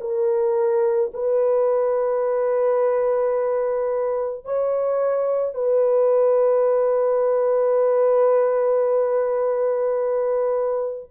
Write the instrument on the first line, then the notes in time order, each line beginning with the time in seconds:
horn
0.00 A#4
1.13 B4
4.44 C#5
5.54 B4